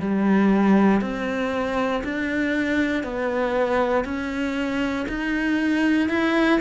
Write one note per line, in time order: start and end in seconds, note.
0.00 1.01 G3
1.01 2.03 C4
2.04 3.04 D4
3.04 4.05 B3
4.05 5.07 C#4
5.09 6.10 D#4
6.10 6.61 E4